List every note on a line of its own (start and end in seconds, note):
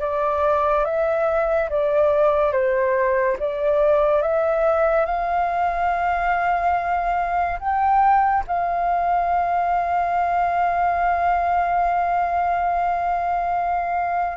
0.00 0.85 D5
0.85 1.69 E5
1.70 2.52 D5
2.52 3.37 C5
3.39 4.22 D5
4.22 5.06 E5
5.06 7.59 F5
7.59 8.44 G5
8.47 14.37 F5